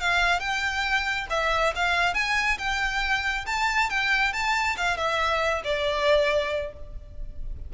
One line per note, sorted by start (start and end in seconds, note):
0.00 0.40 F5
0.40 1.27 G5
1.30 1.73 E5
1.75 2.14 F5
2.14 2.58 G#5
2.58 3.45 G5
3.46 3.90 A5
3.90 4.33 G5
4.33 4.76 A5
4.77 4.97 F5
4.97 5.62 E5
5.64 6.73 D5